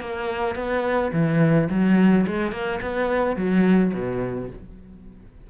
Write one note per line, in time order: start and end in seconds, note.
0.00 0.55 A#3
0.55 1.11 B3
1.12 1.68 E3
1.69 2.26 F#3
2.26 2.52 G#3
2.52 2.80 A#3
2.81 3.36 B3
3.36 3.92 F#3
3.94 4.50 B2